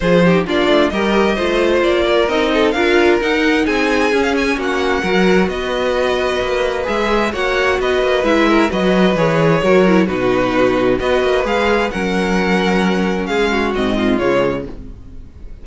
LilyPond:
<<
  \new Staff \with { instrumentName = "violin" } { \time 4/4 \tempo 4 = 131 c''4 d''4 dis''2 | d''4 dis''4 f''4 fis''4 | gis''4~ gis''16 f''16 gis''8 fis''2 | dis''2. e''4 |
fis''4 dis''4 e''4 dis''4 | cis''2 b'2 | dis''4 f''4 fis''2~ | fis''4 f''4 dis''4 cis''4 | }
  \new Staff \with { instrumentName = "violin" } { \time 4/4 gis'8 g'8 f'4 ais'4 c''4~ | c''8 ais'4 a'8 ais'2 | gis'2 fis'4 ais'4 | b'1 |
cis''4 b'4. ais'8 b'4~ | b'4 ais'4 fis'2 | b'2 ais'2~ | ais'4 gis'8 fis'4 f'4. | }
  \new Staff \with { instrumentName = "viola" } { \time 4/4 f'8 dis'8 d'4 g'4 f'4~ | f'4 dis'4 f'4 dis'4~ | dis'4 cis'2 fis'4~ | fis'2. gis'4 |
fis'2 e'4 fis'4 | gis'4 fis'8 e'8 dis'2 | fis'4 gis'4 cis'2~ | cis'2 c'4 gis4 | }
  \new Staff \with { instrumentName = "cello" } { \time 4/4 f4 ais8 a8 g4 a4 | ais4 c'4 d'4 dis'4 | c'4 cis'4 ais4 fis4 | b2 ais4 gis4 |
ais4 b8 ais8 gis4 fis4 | e4 fis4 b,2 | b8 ais8 gis4 fis2~ | fis4 gis4 gis,4 cis4 | }
>>